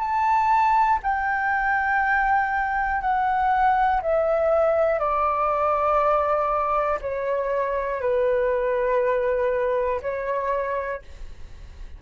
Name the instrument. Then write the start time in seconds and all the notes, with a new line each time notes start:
flute
0.00 A5
1.03 G5
3.01 F#5
4.03 E5
5.00 D5
7.01 C#5
8.01 B4
10.03 C#5